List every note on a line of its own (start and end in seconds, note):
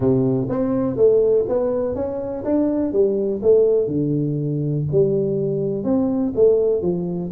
0.00 0.48 C3
0.49 0.96 C4
0.96 1.45 A3
1.48 1.95 B3
1.95 2.44 C#4
2.44 2.92 D4
2.92 3.41 G3
3.42 3.87 A3
3.87 4.84 D3
4.91 5.84 G3
5.84 6.33 C4
6.35 6.81 A3
6.81 7.30 F3